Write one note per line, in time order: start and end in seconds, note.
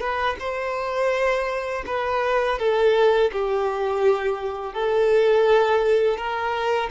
0.00 0.36 B4
0.39 1.84 C5
1.86 2.58 B4
2.59 3.31 A4
3.32 4.74 G4
4.74 6.17 A4
6.17 6.89 A#4